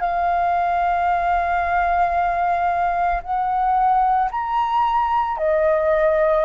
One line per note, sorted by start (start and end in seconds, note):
0.00 3.21 F5
3.22 4.30 F#5
4.31 5.37 A#5
5.37 6.44 D#5